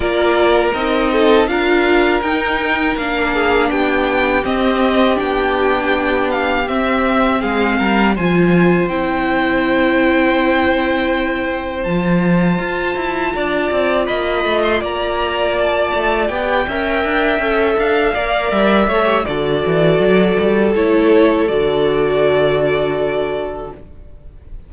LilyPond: <<
  \new Staff \with { instrumentName = "violin" } { \time 4/4 \tempo 4 = 81 d''4 dis''4 f''4 g''4 | f''4 g''4 dis''4 g''4~ | g''8 f''8 e''4 f''4 gis''4 | g''1 |
a''2. b''8. c'''16 | ais''4 a''4 g''2 | f''4 e''4 d''2 | cis''4 d''2. | }
  \new Staff \with { instrumentName = "violin" } { \time 4/4 ais'4. a'8 ais'2~ | ais'8 gis'8 g'2.~ | g'2 gis'8 ais'8 c''4~ | c''1~ |
c''2 d''4 dis''4 | d''2~ d''8 e''4.~ | e''8 d''4 cis''8 a'2~ | a'1 | }
  \new Staff \with { instrumentName = "viola" } { \time 4/4 f'4 dis'4 f'4 dis'4 | d'2 c'4 d'4~ | d'4 c'2 f'4 | e'1 |
f'1~ | f'2 g'8 ais'4 a'8~ | a'8 ais'4 a'16 g'16 fis'2 | e'4 fis'2. | }
  \new Staff \with { instrumentName = "cello" } { \time 4/4 ais4 c'4 d'4 dis'4 | ais4 b4 c'4 b4~ | b4 c'4 gis8 g8 f4 | c'1 |
f4 f'8 e'8 d'8 c'8 ais8 a8 | ais4. a8 b8 cis'8 d'8 cis'8 | d'8 ais8 g8 a8 d8 e8 fis8 g8 | a4 d2. | }
>>